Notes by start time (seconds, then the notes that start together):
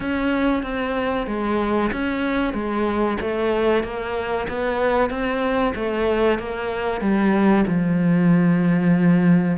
0.00 C#4
0.62 C4
1.26 G#3
1.92 C#4
2.53 G#3
3.20 A3
3.83 A#3
4.48 B3
5.09 C4
5.75 A3
6.38 A#3
7.00 G3
7.67 F3